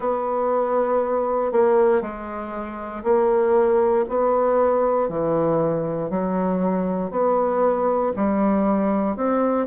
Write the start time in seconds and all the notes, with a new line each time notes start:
0.00 B3
1.52 A#3
2.01 G#3
3.03 A#3
4.09 B3
5.08 E3
6.10 F#3
7.10 B3
8.16 G3
9.16 C4